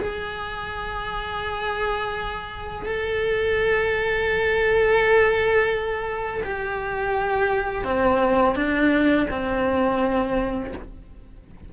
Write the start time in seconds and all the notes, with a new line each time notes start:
0.00 G#4
2.86 A4
6.44 G4
7.84 C4
8.56 D4
9.30 C4